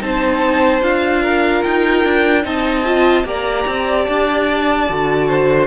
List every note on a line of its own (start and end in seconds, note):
0.00 0.82 C4
0.00 0.81 D#4
0.00 1.23 C5
0.00 0.83 A5
0.82 1.63 D4
0.82 2.43 F4
0.82 1.64 F5
1.23 2.44 A#4
1.64 2.05 D#4
1.64 2.45 G5
2.05 2.45 D4
2.43 3.24 C4
2.43 2.84 D#4
2.43 3.27 D#5
2.43 3.27 A5
2.85 3.25 F4
3.24 3.65 A#3
3.24 4.87 G4
3.24 5.29 D5
3.24 4.05 A#5
3.67 4.07 C4
4.05 4.90 D4
4.05 5.67 A5
4.90 5.67 D3
4.90 5.67 F#4
5.29 5.67 C5